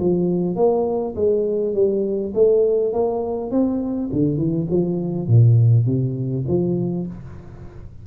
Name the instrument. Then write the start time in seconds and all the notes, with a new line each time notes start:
tuba
0.00 F3
0.56 A#3
1.16 G#3
1.75 G3
2.35 A3
2.93 A#3
3.51 C4
4.13 D3
4.38 E3
4.71 F3
5.28 A#2
5.86 C3
6.48 F3